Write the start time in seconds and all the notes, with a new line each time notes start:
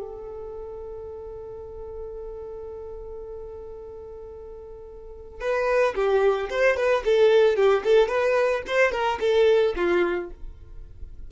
0.00 A4
5.41 B4
5.95 G4
6.49 C5
6.76 B4
7.05 A4
7.56 G4
7.84 A4
8.08 B4
8.67 C5
8.92 A#4
9.20 A4
9.76 F4